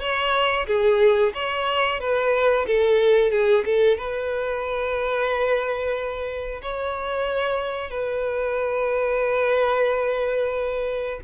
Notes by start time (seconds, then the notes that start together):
0.00 C#5
0.66 G#4
1.34 C#5
2.00 B4
2.66 A4
3.31 G#4
3.65 A4
3.97 B4
6.61 C#5
7.90 B4